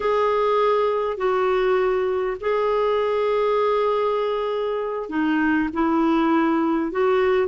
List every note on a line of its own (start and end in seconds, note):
0.00 1.17 G#4
1.17 2.37 F#4
2.40 5.09 G#4
5.09 5.69 D#4
5.73 6.91 E4
6.91 7.48 F#4